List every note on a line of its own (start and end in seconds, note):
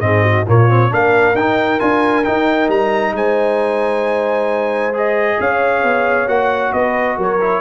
0.00 0.45 G#2
0.00 0.46 C4
0.00 0.23 G#4
0.00 0.45 D#5
0.23 0.45 F#4
0.46 0.92 A#2
0.46 0.69 A#3
0.46 0.91 F4
0.46 0.93 C#5
0.69 0.90 C4
0.90 1.34 A#3
0.90 1.35 D4
0.90 3.15 A#4
0.90 1.36 F5
1.34 1.79 D#4
1.34 1.79 G5
1.79 2.26 D4
1.79 2.24 F4
1.79 2.24 G#5
2.24 4.93 D#4
2.24 2.68 D#4
2.24 2.69 G5
2.68 3.13 G3
2.68 3.15 A#5
3.13 5.37 G#3
3.13 5.39 C5
3.13 4.95 G#5
4.93 6.27 G#4
4.93 5.40 D#5
5.39 5.83 C#4
5.39 6.74 C#5
5.39 6.28 F5
5.83 6.27 B3
6.27 6.72 A#3
6.27 7.39 F#4
6.27 6.72 F#5
6.72 7.18 B3
6.72 7.17 B4
6.72 7.17 D#5
7.17 7.61 F#3
7.17 7.61 A#4
7.17 7.61 C#5
7.41 7.61 E4